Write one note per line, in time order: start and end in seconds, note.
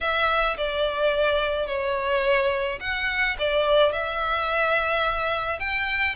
0.01 0.57 E5
0.57 1.67 D5
1.67 2.79 C#5
2.80 3.36 F#5
3.38 3.92 D5
3.92 5.59 E5
5.59 6.15 G5